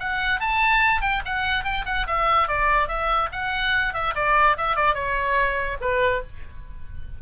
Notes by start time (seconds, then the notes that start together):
0.00 F#5
0.40 A5
1.02 G5
1.25 F#5
1.65 G5
1.86 F#5
2.07 E5
2.48 D5
2.88 E5
3.32 F#5
3.94 E5
4.16 D5
4.57 E5
4.76 D5
4.95 C#5
5.81 B4